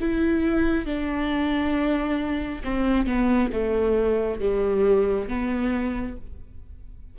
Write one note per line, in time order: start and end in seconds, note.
0.00 0.85 E4
0.85 2.62 D4
2.64 3.06 C4
3.06 3.51 B3
3.52 4.40 A3
4.40 5.28 G3
5.28 6.16 B3